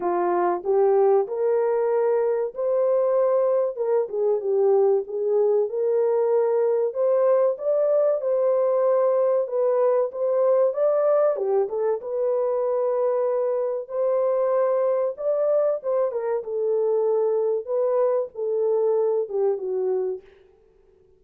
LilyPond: \new Staff \with { instrumentName = "horn" } { \time 4/4 \tempo 4 = 95 f'4 g'4 ais'2 | c''2 ais'8 gis'8 g'4 | gis'4 ais'2 c''4 | d''4 c''2 b'4 |
c''4 d''4 g'8 a'8 b'4~ | b'2 c''2 | d''4 c''8 ais'8 a'2 | b'4 a'4. g'8 fis'4 | }